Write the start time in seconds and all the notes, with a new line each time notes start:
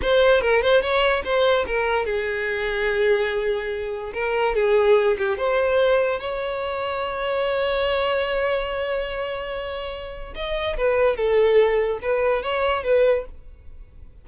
0.02 C5
0.41 A#4
0.62 C5
0.81 C#5
1.24 C5
1.66 A#4
2.05 G#4
4.13 A#4
4.55 G#4
5.17 G4
5.37 C5
6.20 C#5
10.35 D#5
10.77 B4
11.16 A4
12.02 B4
12.42 C#5
12.83 B4